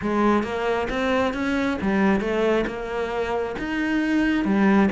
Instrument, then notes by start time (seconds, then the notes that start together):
cello
0.01 G#3
0.43 A#3
0.89 C4
1.33 C#4
1.81 G3
2.20 A3
2.66 A#3
3.58 D#4
4.44 G3